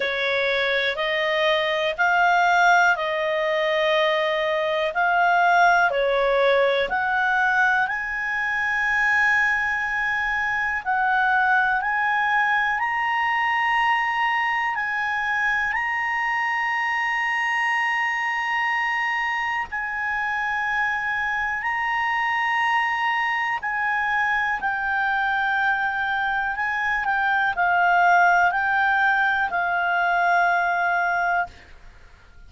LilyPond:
\new Staff \with { instrumentName = "clarinet" } { \time 4/4 \tempo 4 = 61 cis''4 dis''4 f''4 dis''4~ | dis''4 f''4 cis''4 fis''4 | gis''2. fis''4 | gis''4 ais''2 gis''4 |
ais''1 | gis''2 ais''2 | gis''4 g''2 gis''8 g''8 | f''4 g''4 f''2 | }